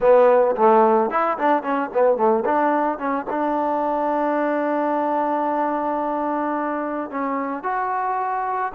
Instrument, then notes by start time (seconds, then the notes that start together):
trombone
0.00 B3
0.56 A3
1.10 E4
1.38 D4
1.62 C#4
1.93 B3
2.16 A3
2.45 D4
2.98 C#4
3.30 D4
7.10 C#4
7.63 F#4